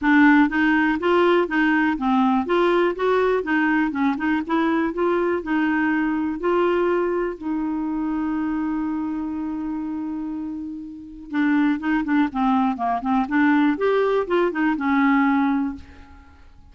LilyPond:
\new Staff \with { instrumentName = "clarinet" } { \time 4/4 \tempo 4 = 122 d'4 dis'4 f'4 dis'4 | c'4 f'4 fis'4 dis'4 | cis'8 dis'8 e'4 f'4 dis'4~ | dis'4 f'2 dis'4~ |
dis'1~ | dis'2. d'4 | dis'8 d'8 c'4 ais8 c'8 d'4 | g'4 f'8 dis'8 cis'2 | }